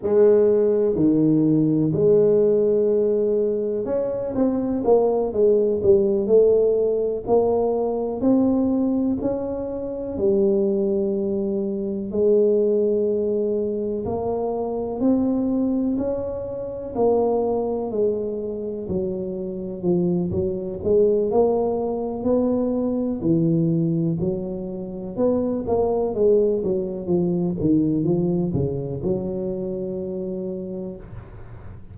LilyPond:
\new Staff \with { instrumentName = "tuba" } { \time 4/4 \tempo 4 = 62 gis4 dis4 gis2 | cis'8 c'8 ais8 gis8 g8 a4 ais8~ | ais8 c'4 cis'4 g4.~ | g8 gis2 ais4 c'8~ |
c'8 cis'4 ais4 gis4 fis8~ | fis8 f8 fis8 gis8 ais4 b4 | e4 fis4 b8 ais8 gis8 fis8 | f8 dis8 f8 cis8 fis2 | }